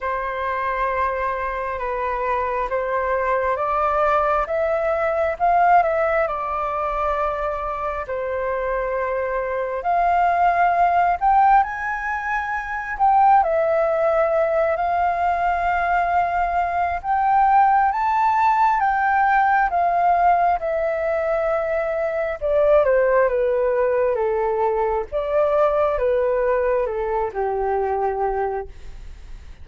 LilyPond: \new Staff \with { instrumentName = "flute" } { \time 4/4 \tempo 4 = 67 c''2 b'4 c''4 | d''4 e''4 f''8 e''8 d''4~ | d''4 c''2 f''4~ | f''8 g''8 gis''4. g''8 e''4~ |
e''8 f''2~ f''8 g''4 | a''4 g''4 f''4 e''4~ | e''4 d''8 c''8 b'4 a'4 | d''4 b'4 a'8 g'4. | }